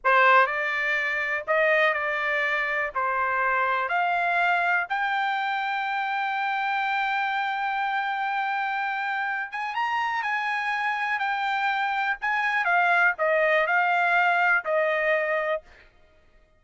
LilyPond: \new Staff \with { instrumentName = "trumpet" } { \time 4/4 \tempo 4 = 123 c''4 d''2 dis''4 | d''2 c''2 | f''2 g''2~ | g''1~ |
g''2.~ g''8 gis''8 | ais''4 gis''2 g''4~ | g''4 gis''4 f''4 dis''4 | f''2 dis''2 | }